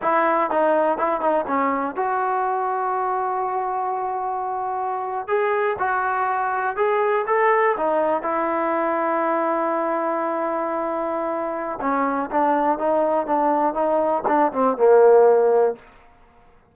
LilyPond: \new Staff \with { instrumentName = "trombone" } { \time 4/4 \tempo 4 = 122 e'4 dis'4 e'8 dis'8 cis'4 | fis'1~ | fis'2~ fis'8. gis'4 fis'16~ | fis'4.~ fis'16 gis'4 a'4 dis'16~ |
dis'8. e'2.~ e'16~ | e'1 | cis'4 d'4 dis'4 d'4 | dis'4 d'8 c'8 ais2 | }